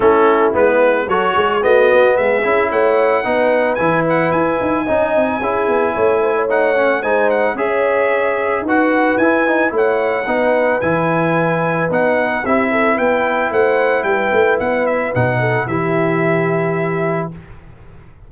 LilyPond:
<<
  \new Staff \with { instrumentName = "trumpet" } { \time 4/4 \tempo 4 = 111 a'4 b'4 cis''4 dis''4 | e''4 fis''2 gis''8 fis''8 | gis''1 | fis''4 gis''8 fis''8 e''2 |
fis''4 gis''4 fis''2 | gis''2 fis''4 e''4 | g''4 fis''4 g''4 fis''8 e''8 | fis''4 e''2. | }
  \new Staff \with { instrumentName = "horn" } { \time 4/4 e'2 a'8 gis'8 fis'4 | gis'4 cis''4 b'2~ | b'4 dis''4 gis'4 cis''8 c''16 cis''16~ | cis''4 c''4 cis''2 |
b'2 cis''4 b'4~ | b'2. g'8 a'8 | b'4 c''4 b'2~ | b'8 a'8 g'2. | }
  \new Staff \with { instrumentName = "trombone" } { \time 4/4 cis'4 b4 fis'4 b4~ | b8 e'4. dis'4 e'4~ | e'4 dis'4 e'2 | dis'8 cis'8 dis'4 gis'2 |
fis'4 e'8 dis'8 e'4 dis'4 | e'2 dis'4 e'4~ | e'1 | dis'4 e'2. | }
  \new Staff \with { instrumentName = "tuba" } { \time 4/4 a4 gis4 fis8 gis8 a8 b8 | gis8 cis'8 a4 b4 e4 | e'8 dis'8 cis'8 c'8 cis'8 b8 a4~ | a4 gis4 cis'2 |
dis'4 e'4 a4 b4 | e2 b4 c'4 | b4 a4 g8 a8 b4 | b,4 e2. | }
>>